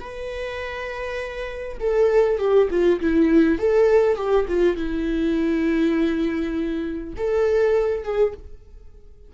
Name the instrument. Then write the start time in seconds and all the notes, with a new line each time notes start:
viola
0.00 B4
1.80 A4
2.38 G4
2.70 F4
3.01 E4
3.59 A4
4.16 G4
4.48 F4
4.76 E4
7.17 A4
8.03 G#4